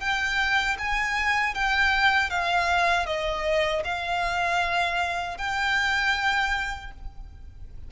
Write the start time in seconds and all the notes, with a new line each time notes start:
0.00 G5
0.78 G#5
1.55 G5
2.30 F5
3.06 D#5
3.84 F5
5.37 G5